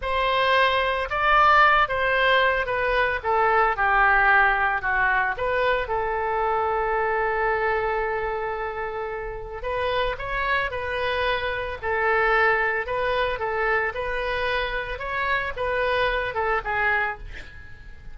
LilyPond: \new Staff \with { instrumentName = "oboe" } { \time 4/4 \tempo 4 = 112 c''2 d''4. c''8~ | c''4 b'4 a'4 g'4~ | g'4 fis'4 b'4 a'4~ | a'1~ |
a'2 b'4 cis''4 | b'2 a'2 | b'4 a'4 b'2 | cis''4 b'4. a'8 gis'4 | }